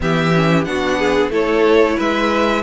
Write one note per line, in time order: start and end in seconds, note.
0.00 0.66 E3
0.00 0.33 B3
0.00 0.67 G4
0.00 0.64 E5
0.34 0.65 C#4
0.64 1.29 B3
0.64 1.30 D4
0.64 0.98 F#4
0.64 1.30 F#5
0.98 1.31 G#4
1.29 1.95 A3
1.29 2.62 E4
1.29 1.96 A4
1.29 1.99 C#5
1.96 2.62 G#3
1.96 2.62 B4
1.96 2.62 E5